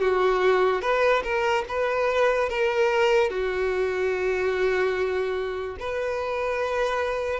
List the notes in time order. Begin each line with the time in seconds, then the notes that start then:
0.00 F#4
0.81 B4
1.23 A#4
1.68 B4
2.49 A#4
3.30 F#4
5.79 B4